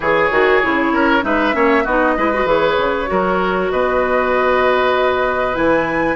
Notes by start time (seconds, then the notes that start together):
0.00 E3 G#4 C#5
0.31 D#3 F#4
0.62 C#3 E4
0.91 C#4 A#4
1.21 G#3 D#4 B4 E5
1.52 A#3 C#4 C#5
1.83 B3 D#4 F#4 D#5
2.17 G#3 E4 B4
2.33 F#4
2.44 E3 G#4 C#5
2.76 C#3
3.06 F#3 F#4 A#4
3.70 B2 B4 D#5
5.53 E3 E4 G#5